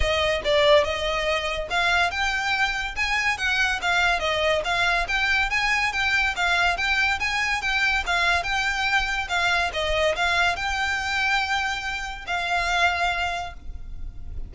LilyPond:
\new Staff \with { instrumentName = "violin" } { \time 4/4 \tempo 4 = 142 dis''4 d''4 dis''2 | f''4 g''2 gis''4 | fis''4 f''4 dis''4 f''4 | g''4 gis''4 g''4 f''4 |
g''4 gis''4 g''4 f''4 | g''2 f''4 dis''4 | f''4 g''2.~ | g''4 f''2. | }